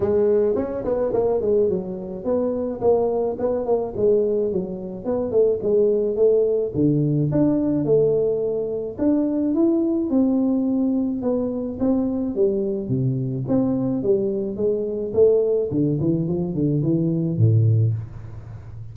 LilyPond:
\new Staff \with { instrumentName = "tuba" } { \time 4/4 \tempo 4 = 107 gis4 cis'8 b8 ais8 gis8 fis4 | b4 ais4 b8 ais8 gis4 | fis4 b8 a8 gis4 a4 | d4 d'4 a2 |
d'4 e'4 c'2 | b4 c'4 g4 c4 | c'4 g4 gis4 a4 | d8 e8 f8 d8 e4 a,4 | }